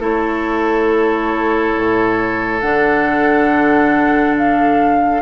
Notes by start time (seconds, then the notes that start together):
0.00 A3 E4 A4 C#5
1.76 A2
2.61 D3 D4 F#5
4.37 F5